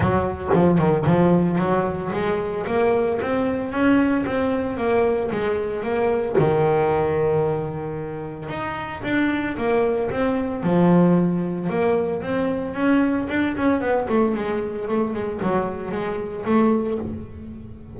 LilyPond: \new Staff \with { instrumentName = "double bass" } { \time 4/4 \tempo 4 = 113 fis4 f8 dis8 f4 fis4 | gis4 ais4 c'4 cis'4 | c'4 ais4 gis4 ais4 | dis1 |
dis'4 d'4 ais4 c'4 | f2 ais4 c'4 | cis'4 d'8 cis'8 b8 a8 gis4 | a8 gis8 fis4 gis4 a4 | }